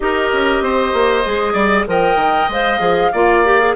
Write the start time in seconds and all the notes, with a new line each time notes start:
0.00 D#4 G4 A#4 D#5
0.32 C#4
0.61 C4 C5
0.93 A#3
1.24 G#3 G#4
1.53 G3 D5
1.87 F3 A#4 D#5 G5
2.15 D#3
2.49 G#3 C5 F5
2.79 F3 G#4
3.12 A#3 F4 D5
3.45 G4
3.60 G#4